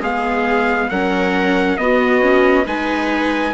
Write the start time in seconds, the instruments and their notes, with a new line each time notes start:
0.00 bassoon G#3, viola B3 G#4, trumpet F5
0.90 bassoon F#3, viola C#4 A#4, trumpet F#5
1.77 bassoon B3, viola B3 F#4, trumpet D#5
2.21 viola C#4
2.64 bassoon G#3, viola D#4 B4, trumpet G#5